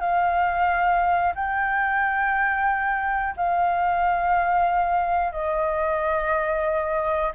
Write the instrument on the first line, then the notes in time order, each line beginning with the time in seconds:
flute
0.00 F5
1.35 G5
3.36 F5
5.32 D#5